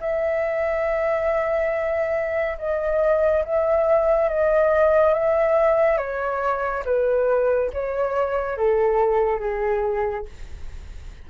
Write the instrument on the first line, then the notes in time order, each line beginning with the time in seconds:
flute
0.00 E5
2.58 D#5
3.44 E5
4.29 D#5
5.14 E5
5.98 C#5
6.85 B4
7.73 C#5
8.57 A4
9.40 G#4